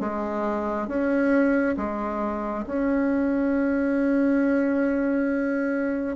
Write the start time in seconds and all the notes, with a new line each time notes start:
0.00 G#3
0.87 C#4
1.77 G#3
2.67 C#4